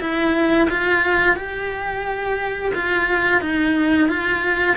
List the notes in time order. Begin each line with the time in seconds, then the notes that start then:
0.00 E4
0.70 F4
1.36 G4
2.74 F4
3.41 D#4
4.08 F4